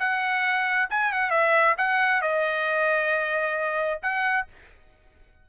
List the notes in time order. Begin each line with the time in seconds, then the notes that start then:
0.00 F#5
0.90 G#5
1.13 F#5
1.31 E5
1.78 F#5
2.22 D#5
4.03 F#5